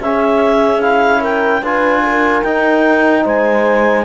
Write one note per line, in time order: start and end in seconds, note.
0.00 1.62 C#4
0.00 0.81 C#4
0.00 1.20 G#4
0.00 0.82 E5
0.81 1.62 E4
0.81 1.22 F5
1.20 1.61 A#4
1.20 1.64 G5
1.61 2.43 D4
1.61 2.44 F4
1.61 2.02 B4
1.61 2.43 G#5
2.03 3.24 A#4
2.43 3.25 D#4
2.43 4.05 D#4
2.43 3.24 G5
3.24 4.05 G#3
3.24 4.05 C5
3.24 4.05 G#5